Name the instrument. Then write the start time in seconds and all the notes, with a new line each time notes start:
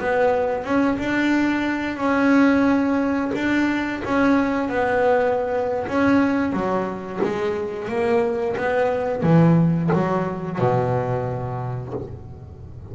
double bass
0.00 B3
0.64 C#4
0.99 D4
1.97 C#4
3.35 D4
4.04 C#4
4.69 B3
5.87 C#4
6.53 F#3
7.23 G#3
7.89 A#3
8.57 B3
9.23 E3
9.93 F#3
10.59 B2